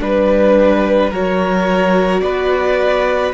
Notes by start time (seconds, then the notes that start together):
0.00 G3 D4 B4
1.10 F#3 F#4 A#4 C#5
2.20 B3 B4 D5